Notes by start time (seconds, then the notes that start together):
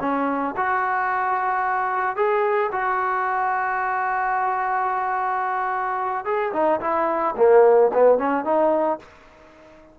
0.00 C#4
0.56 F#4
2.16 G#4
2.71 F#4
6.25 G#4
6.53 D#4
6.80 E4
7.36 A#3
7.93 B3
8.18 C#4
8.44 D#4